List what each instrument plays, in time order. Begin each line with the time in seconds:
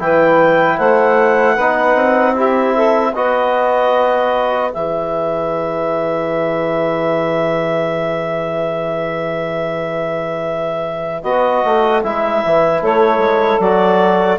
0.00 bassoon E3, trombone E4, saxophone B4, clarinet G5
0.78 bassoon A3, saxophone C5, clarinet F#5
1.55 bassoon B3, trombone D#4, saxophone B4
1.95 bassoon C4
2.36 trombone E4, saxophone G4, clarinet E5
2.76 saxophone A4
3.11 bassoon B3, trombone F#4, saxophone B4, clarinet D#5
4.72 bassoon E3, trombone G#4, clarinet E5
11.23 bassoon B3, trombone F#4, clarinet D#5
11.65 bassoon A3
12.03 bassoon G#3, trombone E4, clarinet E5
12.45 bassoon E3
12.82 bassoon A3, saxophone A4, clarinet C#5
13.18 bassoon G#3
13.60 bassoon F#3, trombone F#4, clarinet D5